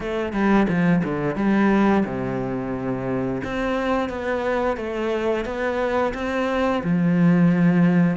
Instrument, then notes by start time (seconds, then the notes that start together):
cello
0.00 A3
0.32 G3
0.68 F3
1.04 D3
1.35 G3
2.05 C3
3.44 C4
4.09 B3
4.77 A3
5.45 B3
6.14 C4
6.83 F3